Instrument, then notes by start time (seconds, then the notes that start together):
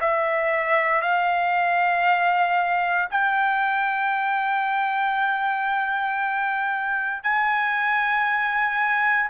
trumpet
0.00 E5
1.01 F5
3.10 G5
7.23 G#5